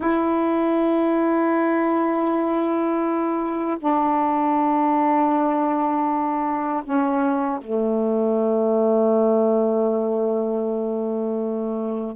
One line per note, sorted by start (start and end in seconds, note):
0.00 3.77 E4
3.79 6.83 D4
6.83 7.59 C#4
7.61 12.16 A3